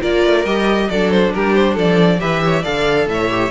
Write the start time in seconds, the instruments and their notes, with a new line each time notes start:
0.00 cello A#3, viola F4, violin A#4 D5
0.25 cello A3
0.45 cello G3, viola G4, violin D#5
0.90 cello F#3, viola D4, violin A4 D5
1.11 violin C5
1.34 cello G3, violin G4 A#4
1.55 violin C5
1.74 cello F3, violin A4 D5
2.19 cello E3, viola G4, violin B4 E5
2.45 violin C#5
2.62 cello D3, viola A4, violin D5 F5
3.06 cello A2, violin E5
3.13 violin C#5
3.30 viola G4